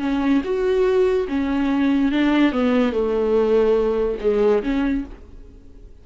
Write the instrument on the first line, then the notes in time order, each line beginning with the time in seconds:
viola
0.00 C#4
0.44 F#4
1.28 C#4
2.12 D4
2.52 B3
2.93 A3
4.21 G#3
4.63 C#4